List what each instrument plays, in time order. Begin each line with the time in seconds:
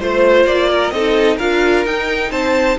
0.00 cello A3, viola F4, violin C5
0.46 cello A#3, violin D5
0.69 violin A#4
0.91 cello C4, viola D#4, violin A4 D#5
1.37 cello D4, viola F4, violin A#4 F5
1.85 cello D#4, viola D#4, violin G5
2.31 cello C4, violin C5 A5